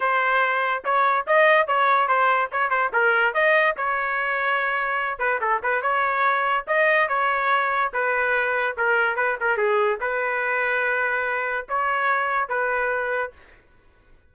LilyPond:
\new Staff \with { instrumentName = "trumpet" } { \time 4/4 \tempo 4 = 144 c''2 cis''4 dis''4 | cis''4 c''4 cis''8 c''8 ais'4 | dis''4 cis''2.~ | cis''8 b'8 a'8 b'8 cis''2 |
dis''4 cis''2 b'4~ | b'4 ais'4 b'8 ais'8 gis'4 | b'1 | cis''2 b'2 | }